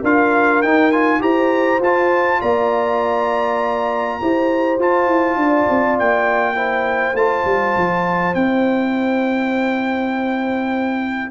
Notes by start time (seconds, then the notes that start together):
0.00 D4 F4 A#4 F5
0.62 D#4 G5
0.91 F4 G#5
1.20 E4 G4 C5 A#5
1.79 F4 A5
2.40 A#3 D5 A#5
4.20 E4 G4 C5
4.78 F4 A5
5.06 E4
5.36 D4 D5
5.69 C4
5.99 A#3 G5
6.55 E4 C5
7.13 A3 F4 A5
7.45 G3
7.76 F3
8.34 C4 E4 G5